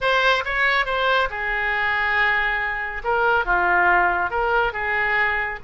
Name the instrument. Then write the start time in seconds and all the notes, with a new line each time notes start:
oboe
0.00 C5
0.44 C#5
0.85 C5
1.29 G#4
3.04 A#4
3.45 F4
4.30 A#4
4.72 G#4